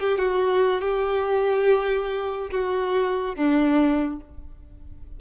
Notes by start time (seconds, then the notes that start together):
0.00 G4
0.19 F#4
0.82 G4
2.51 F#4
3.36 D4